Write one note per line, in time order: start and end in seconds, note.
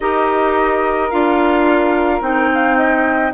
0.00 1.11 D#4
0.00 1.11 G4
0.00 2.51 A#4
0.00 1.10 D#5
1.10 2.21 D4
1.10 2.21 F4
1.10 2.21 F5
2.21 3.32 C4
2.21 3.32 D#4
2.21 3.33 G5
2.52 2.77 F5
2.77 3.33 D#5